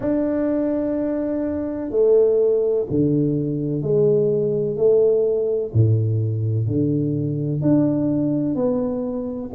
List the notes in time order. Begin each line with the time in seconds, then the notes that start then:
0.00 D4
1.90 A3
2.90 D3
3.82 G#3
4.76 A3
5.73 A2
6.67 D3
7.61 D4
8.55 B3